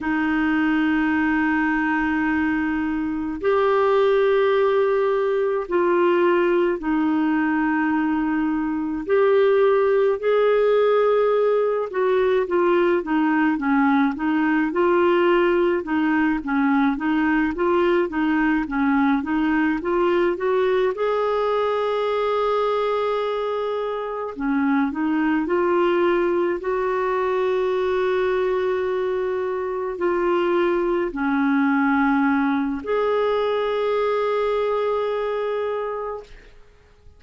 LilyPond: \new Staff \with { instrumentName = "clarinet" } { \time 4/4 \tempo 4 = 53 dis'2. g'4~ | g'4 f'4 dis'2 | g'4 gis'4. fis'8 f'8 dis'8 | cis'8 dis'8 f'4 dis'8 cis'8 dis'8 f'8 |
dis'8 cis'8 dis'8 f'8 fis'8 gis'4.~ | gis'4. cis'8 dis'8 f'4 fis'8~ | fis'2~ fis'8 f'4 cis'8~ | cis'4 gis'2. | }